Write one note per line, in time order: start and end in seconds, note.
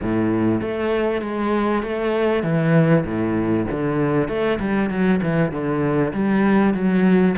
0.02 0.61 A2
0.61 1.21 A3
1.21 1.82 G#3
1.82 2.43 A3
2.43 3.04 E3
3.05 3.66 A2
3.70 4.28 D3
4.28 4.59 A3
4.59 4.90 G3
4.90 5.20 F#3
5.22 5.51 E3
5.51 6.12 D3
6.13 6.73 G3
6.73 7.35 F#3